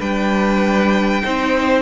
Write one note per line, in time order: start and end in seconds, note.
0.00 1.23 G3
0.00 1.22 D4
0.00 1.22 B4
0.00 1.83 G5
1.22 1.83 C4
1.22 1.83 D#4
1.22 1.83 C5